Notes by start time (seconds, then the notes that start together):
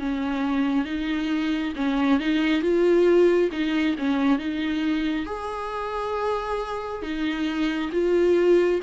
0.00 C#4
0.85 D#4
1.76 C#4
2.20 D#4
2.62 F4
3.52 D#4
3.99 C#4
4.39 D#4
5.26 G#4
7.03 D#4
7.93 F4